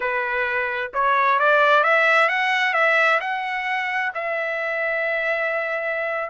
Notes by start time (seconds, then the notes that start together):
0.00 B4
0.93 C#5
1.39 D5
1.83 E5
2.28 F#5
2.73 E5
3.20 F#5
4.14 E5